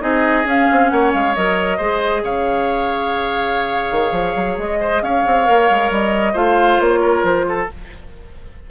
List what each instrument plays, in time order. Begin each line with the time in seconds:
0.00 bassoon C4, clarinet D#4, oboe G#4, flute D#5
0.45 clarinet C#4, bassoon C#4, flute F5
0.71 bassoon C4
0.89 bassoon A#3, oboe C#5, flute F#5
1.14 bassoon G#3, flute F5
1.35 bassoon F#3, clarinet A#4, flute D#5
1.77 bassoon G#3, clarinet G#4, oboe C5
2.23 bassoon C#3, oboe C#5, flute F5
3.92 bassoon D#3
4.12 bassoon F3
4.36 bassoon F#3
4.58 bassoon G#3, flute D#5
4.80 oboe C5
5.02 bassoon C#4, oboe C#5, flute F5
5.27 bassoon C4
5.45 bassoon A#3, clarinet A#4
5.70 bassoon G#3
5.91 bassoon G3, flute D#5
6.33 bassoon A3, clarinet F4, oboe C5, flute F5
6.80 bassoon A#3, flute C#5
7.01 oboe A#4
7.23 bassoon F3, flute C5
7.48 oboe A4